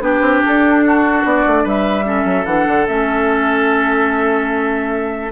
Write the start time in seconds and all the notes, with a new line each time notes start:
0.00 B3 D4 G4 B4
0.21 C4
0.45 D4 A4
0.85 F#4
1.24 B3 D5
1.46 A3
1.63 G3 B4 E5
2.04 C#4 A4
2.24 F#3
2.45 E3 D4 F#5
2.67 D3
2.87 A3 C#4 E5